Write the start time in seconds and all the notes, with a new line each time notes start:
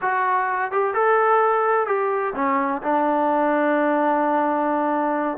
0.01 F#4
0.71 G4
0.94 A4
1.86 G4
2.35 C#4
2.82 D4